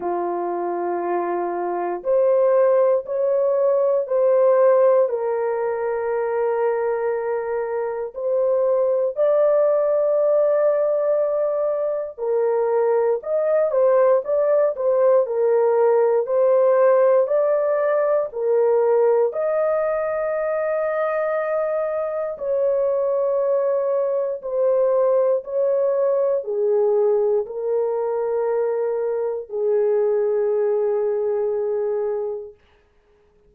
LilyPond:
\new Staff \with { instrumentName = "horn" } { \time 4/4 \tempo 4 = 59 f'2 c''4 cis''4 | c''4 ais'2. | c''4 d''2. | ais'4 dis''8 c''8 d''8 c''8 ais'4 |
c''4 d''4 ais'4 dis''4~ | dis''2 cis''2 | c''4 cis''4 gis'4 ais'4~ | ais'4 gis'2. | }